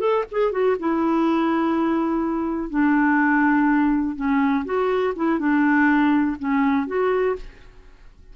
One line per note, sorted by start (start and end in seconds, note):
0.00 0.24 A4
0.32 0.52 G#4
0.52 0.76 F#4
0.80 2.70 E4
2.70 4.16 D4
4.16 4.65 C#4
4.65 5.14 F#4
5.16 5.39 E4
5.39 6.37 D4
6.39 6.87 C#4
6.87 7.36 F#4